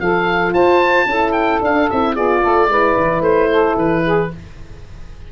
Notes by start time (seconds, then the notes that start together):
0.00 F3 F4 A4 F5
0.53 F4 C5 A5
1.05 C#4 E4 A4
1.32 G5
1.62 D4 F5
1.90 C4 E4 E5
2.13 B3 F4 G#4 D5
2.41 A3 A4
2.68 G#3 E4 B4
2.96 E3
3.21 A3 C5
3.49 A4
3.77 E3 B4
4.04 G#4